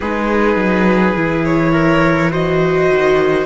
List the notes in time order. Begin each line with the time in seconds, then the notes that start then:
0.00 G#3 D#4 G#4 B4
0.56 F#3
1.16 E3 E4
1.44 C#5
1.72 A#4
2.30 F#4 C5 D#5
2.89 D#3